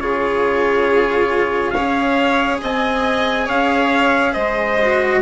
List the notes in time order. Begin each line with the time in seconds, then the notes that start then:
0.00 C#3 F4 G#4 C#5
1.71 C#4 C#5 F5
1.77 G#4
2.62 C4 D#5 G#5
3.45 C#4 C#5 F5
4.33 G#3 C5 D#5
4.82 F#4